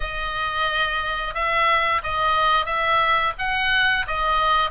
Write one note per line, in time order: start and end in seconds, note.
0.00 1.34 D#5
1.34 2.01 E5
2.03 2.65 D#5
2.65 3.32 E5
3.38 4.05 F#5
4.07 4.70 D#5